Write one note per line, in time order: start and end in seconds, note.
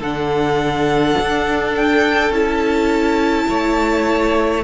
0.00 1.16 D3
0.00 2.32 D4
0.00 3.46 A4
0.00 1.75 F#5
1.21 2.30 D4
1.75 2.33 G5
2.30 3.46 C#4
2.30 4.63 E4
2.30 4.64 A5
3.49 4.64 A3
3.49 4.64 C#5